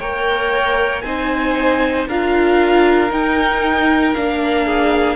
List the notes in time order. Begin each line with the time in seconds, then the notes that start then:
0.00 A#3 A#4 C#5 G5
1.02 C4 D#4 C5 G#5
2.08 D4 F4 A#4 F5
3.10 D#4 G5
4.15 A#3 D4 F5
4.66 G#4